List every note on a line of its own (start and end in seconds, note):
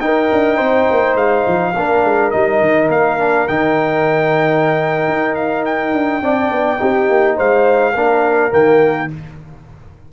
0.00 0.29 D#4
0.00 1.74 D#4
0.00 0.56 A#4
0.00 1.15 G5
0.32 0.59 D4
0.56 0.88 C4
0.56 1.72 C5
0.90 1.15 A#3
1.15 1.43 G#3
1.15 2.30 F5
1.47 1.75 F3
1.76 2.03 A#3
1.76 2.32 D4
1.76 6.23 A#4
2.03 2.32 G#3
2.30 2.60 G3
2.30 3.18 D#4
2.30 2.88 D#5
2.60 2.88 D#3
2.88 3.46 A#3
2.88 3.47 F5
3.18 3.47 D4
3.47 5.07 D#3
3.47 6.22 D#4
3.47 5.35 G5
5.07 5.92 D#4
5.35 5.63 F5
5.65 7.38 G5
5.92 6.21 D4
6.21 6.50 C4
6.21 6.78 D4
6.21 6.81 D5
6.51 6.80 B3
6.78 7.08 C4
6.78 7.93 D#4
6.78 7.36 G4
7.08 7.37 A#3
7.36 7.94 G#3
7.36 7.94 C5
7.36 8.53 F5
7.94 8.52 A#3
7.94 8.50 D4
7.94 9.12 A#4
8.50 9.10 D#3
8.50 9.08 A#3
8.50 9.11 G5